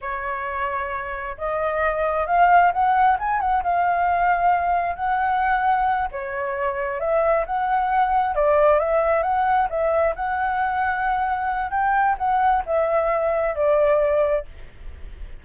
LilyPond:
\new Staff \with { instrumentName = "flute" } { \time 4/4 \tempo 4 = 133 cis''2. dis''4~ | dis''4 f''4 fis''4 gis''8 fis''8 | f''2. fis''4~ | fis''4. cis''2 e''8~ |
e''8 fis''2 d''4 e''8~ | e''8 fis''4 e''4 fis''4.~ | fis''2 g''4 fis''4 | e''2 d''2 | }